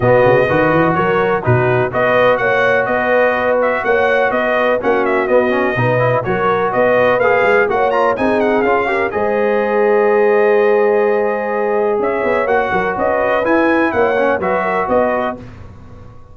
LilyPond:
<<
  \new Staff \with { instrumentName = "trumpet" } { \time 4/4 \tempo 4 = 125 dis''2 cis''4 b'4 | dis''4 fis''4 dis''4. e''8 | fis''4 dis''4 fis''8 e''8 dis''4~ | dis''4 cis''4 dis''4 f''4 |
fis''8 ais''8 gis''8 fis''8 f''4 dis''4~ | dis''1~ | dis''4 e''4 fis''4 dis''4 | gis''4 fis''4 e''4 dis''4 | }
  \new Staff \with { instrumentName = "horn" } { \time 4/4 fis'4 b'4 ais'4 fis'4 | b'4 cis''4 b'2 | cis''4 b'4 fis'2 | b'4 ais'4 b'2 |
cis''4 gis'4. ais'8 c''4~ | c''1~ | c''4 cis''4. ais'8 b'4~ | b'4 cis''4 b'8 ais'8 b'4 | }
  \new Staff \with { instrumentName = "trombone" } { \time 4/4 b4 fis'2 dis'4 | fis'1~ | fis'2 cis'4 b8 cis'8 | dis'8 e'8 fis'2 gis'4 |
fis'8 f'8 dis'4 f'8 g'8 gis'4~ | gis'1~ | gis'2 fis'2 | e'4. cis'8 fis'2 | }
  \new Staff \with { instrumentName = "tuba" } { \time 4/4 b,8 cis8 dis8 e8 fis4 b,4 | b4 ais4 b2 | ais4 b4 ais4 b4 | b,4 fis4 b4 ais8 gis8 |
ais4 c'4 cis'4 gis4~ | gis1~ | gis4 cis'8 b8 ais8 fis8 cis'4 | e'4 ais4 fis4 b4 | }
>>